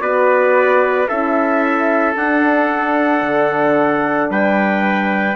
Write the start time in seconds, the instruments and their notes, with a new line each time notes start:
0.00 bassoon B3, horn F#4, trumpet B4 D5
1.08 bassoon C#4, horn E4, trumpet A4 E5
2.15 bassoon D4, horn D4, trumpet F#5
3.22 bassoon D3
4.29 bassoon G3, trumpet B4 G5